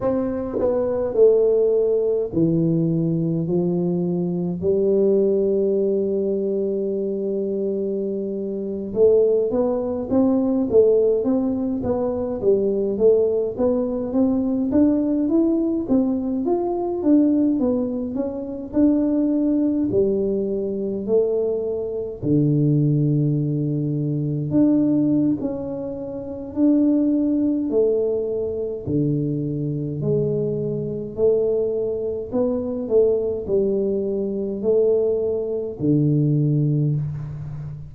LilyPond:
\new Staff \with { instrumentName = "tuba" } { \time 4/4 \tempo 4 = 52 c'8 b8 a4 e4 f4 | g2.~ g8. a16~ | a16 b8 c'8 a8 c'8 b8 g8 a8 b16~ | b16 c'8 d'8 e'8 c'8 f'8 d'8 b8 cis'16~ |
cis'16 d'4 g4 a4 d8.~ | d4~ d16 d'8. cis'4 d'4 | a4 d4 gis4 a4 | b8 a8 g4 a4 d4 | }